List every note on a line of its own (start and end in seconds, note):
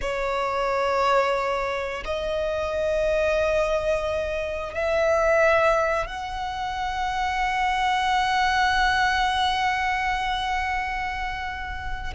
0.01 2.03 C#5
2.04 4.74 D#5
4.74 6.06 E5
6.06 12.13 F#5